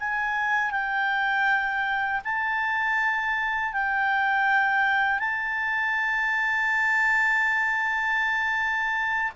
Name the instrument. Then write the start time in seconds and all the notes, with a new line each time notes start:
clarinet
0.00 G#5
0.72 G5
2.25 A5
3.73 G5
5.20 A5